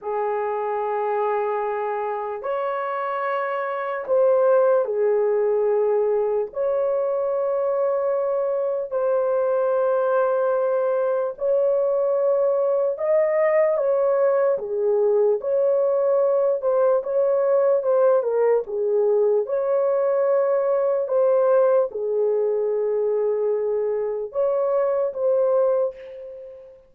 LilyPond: \new Staff \with { instrumentName = "horn" } { \time 4/4 \tempo 4 = 74 gis'2. cis''4~ | cis''4 c''4 gis'2 | cis''2. c''4~ | c''2 cis''2 |
dis''4 cis''4 gis'4 cis''4~ | cis''8 c''8 cis''4 c''8 ais'8 gis'4 | cis''2 c''4 gis'4~ | gis'2 cis''4 c''4 | }